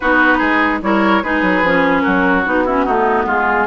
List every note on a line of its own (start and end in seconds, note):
0.00 0.40 B3
0.00 0.82 D#4
0.00 0.37 F#4
0.00 0.81 B4
0.37 0.81 G#3
0.37 0.78 G#4
0.82 1.23 G3
0.82 1.23 E4
0.82 1.23 A#4
0.82 1.23 C#5
1.23 1.42 G#3
1.23 1.64 D#4
1.23 2.02 G#4
1.23 2.01 B4
1.42 1.62 F#3
1.62 2.03 F3
1.62 2.45 C#4
2.01 2.46 F#3
2.01 2.64 F#4
2.01 2.42 A#4
2.45 2.86 B3
2.45 2.66 D#4
2.45 3.27 F#4
2.65 2.87 C#4
2.65 2.84 E4
2.84 3.25 A3
2.84 3.66 B3
2.84 3.25 D#4
3.25 3.66 G#3
3.25 3.66 F4
3.25 3.66 G#4